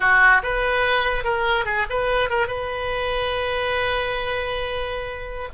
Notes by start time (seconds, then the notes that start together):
0.00 F#4
0.42 B4
1.23 A#4
1.65 G#4
1.89 B4
2.29 A#4
2.47 B4